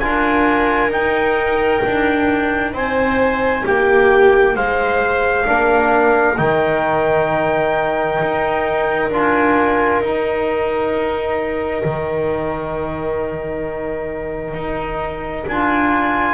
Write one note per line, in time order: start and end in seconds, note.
0.00 0.90 D4
0.00 0.91 F4
0.00 2.74 A#4
0.00 0.91 G#5
0.90 1.81 D#4
0.90 5.45 D#4
0.90 2.75 G5
1.86 2.74 D4
2.74 3.65 C4
2.74 3.64 C5
2.74 3.67 G#5
3.64 4.55 A#3
3.64 4.55 G4
3.64 4.57 G5
4.55 5.46 G#3
4.55 5.46 C5
4.55 6.38 F5
5.45 6.39 A#3
5.45 6.36 D4
5.45 16.34 A#4
6.38 8.21 D#3
6.38 9.10 D#4
6.38 9.11 G5
8.23 9.10 D#4
9.10 10.01 D4
9.10 10.04 F4
9.10 10.03 G#5
10.01 11.83 D#4
10.01 15.50 D#4
10.01 15.48 G5
11.84 14.55 D#3
14.55 15.45 D#4
15.48 16.34 D4
15.48 16.34 F4
15.48 16.34 G#5